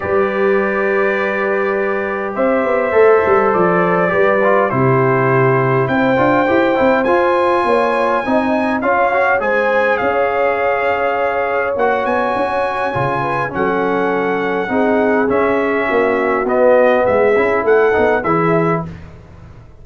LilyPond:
<<
  \new Staff \with { instrumentName = "trumpet" } { \time 4/4 \tempo 4 = 102 d''1 | e''2 d''2 | c''2 g''2 | gis''2. f''4 |
gis''4 f''2. | fis''8 gis''2~ gis''8 fis''4~ | fis''2 e''2 | dis''4 e''4 fis''4 e''4 | }
  \new Staff \with { instrumentName = "horn" } { \time 4/4 b'1 | c''2. b'4 | g'2 c''2~ | c''4 cis''4 dis''4 cis''4 |
c''4 cis''2.~ | cis''2~ cis''8 b'8 a'4~ | a'4 gis'2 fis'4~ | fis'4 gis'4 a'4 gis'4 | }
  \new Staff \with { instrumentName = "trombone" } { \time 4/4 g'1~ | g'4 a'2 g'8 f'8 | e'2~ e'8 f'8 g'8 e'8 | f'2 dis'4 f'8 fis'8 |
gis'1 | fis'2 f'4 cis'4~ | cis'4 dis'4 cis'2 | b4. e'4 dis'8 e'4 | }
  \new Staff \with { instrumentName = "tuba" } { \time 4/4 g1 | c'8 b8 a8 g8 f4 g4 | c2 c'8 d'8 e'8 c'8 | f'4 ais4 c'4 cis'4 |
gis4 cis'2. | ais8 b8 cis'4 cis4 fis4~ | fis4 c'4 cis'4 ais4 | b4 gis8 cis'8 a8 b8 e4 | }
>>